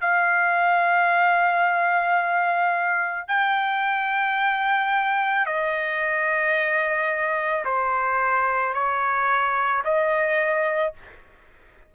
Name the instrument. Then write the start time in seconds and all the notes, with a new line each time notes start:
trumpet
0.00 F5
3.27 G5
5.45 D#5
7.65 C5
8.73 C#5
9.84 D#5